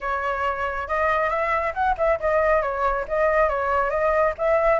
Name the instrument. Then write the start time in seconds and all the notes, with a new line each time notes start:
flute
0.01 C#5
0.88 D#5
1.29 E5
1.74 F#5
1.97 E5
2.20 D#5
2.61 C#5
3.08 D#5
3.48 C#5
3.90 D#5
4.38 E5